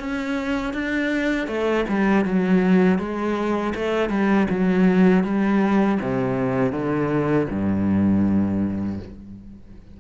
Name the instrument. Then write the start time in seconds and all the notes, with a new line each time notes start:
cello
0.00 C#4
0.74 D4
1.48 A3
1.89 G3
2.25 F#3
2.99 G#3
3.75 A3
4.10 G3
4.50 F#3
5.24 G3
6.01 C3
6.73 D3
7.50 G2